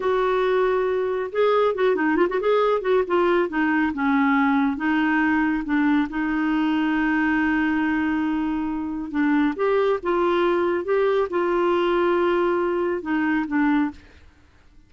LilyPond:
\new Staff \with { instrumentName = "clarinet" } { \time 4/4 \tempo 4 = 138 fis'2. gis'4 | fis'8 dis'8 f'16 fis'16 gis'4 fis'8 f'4 | dis'4 cis'2 dis'4~ | dis'4 d'4 dis'2~ |
dis'1~ | dis'4 d'4 g'4 f'4~ | f'4 g'4 f'2~ | f'2 dis'4 d'4 | }